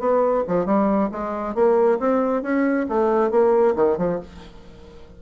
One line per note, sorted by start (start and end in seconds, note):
0.00 0.44 B3
0.48 0.66 F3
0.66 1.10 G3
1.12 1.55 G#3
1.55 1.99 A#3
2.00 2.43 C4
2.43 2.87 C#4
2.89 3.31 A3
3.31 3.75 A#3
3.76 3.98 D#3
3.98 4.20 F3